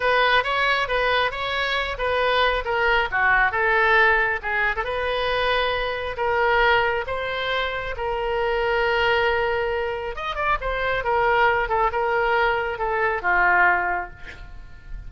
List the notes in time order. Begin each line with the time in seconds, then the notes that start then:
0.00 B4
0.43 C#5
0.88 B4
1.31 C#5
1.98 B4
2.65 A#4
3.11 F#4
3.51 A4
4.42 G#4
4.76 A4
4.83 B4
6.16 A#4
7.06 C5
7.96 A#4
10.15 D#5
10.35 D5
10.61 C5
11.04 A#4
11.68 A4
11.92 A#4
12.78 A4
13.22 F4